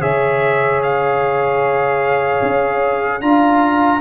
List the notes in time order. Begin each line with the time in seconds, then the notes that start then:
0.00 C#3 G#4 C#5 E5
0.82 F5
2.42 C#4
3.21 D4 F4 F5 A#5